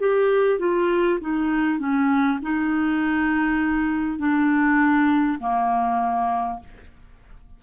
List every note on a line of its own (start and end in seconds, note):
0.00 0.59 G4
0.59 1.19 F4
1.21 1.79 D#4
1.79 2.39 C#4
2.42 4.19 D#4
4.19 5.39 D4
5.39 6.59 A#3